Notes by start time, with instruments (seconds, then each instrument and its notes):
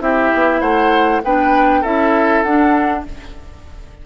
0.00 bassoon C4, clarinet E4, oboe G4, flute E5
0.33 bassoon B3
0.60 bassoon A3, oboe C5, flute F#5
1.23 bassoon B3, clarinet D4, oboe B4, flute G5
1.81 bassoon C#4, clarinet E4, oboe A4, flute E5
2.43 bassoon D4, clarinet D4, flute F#5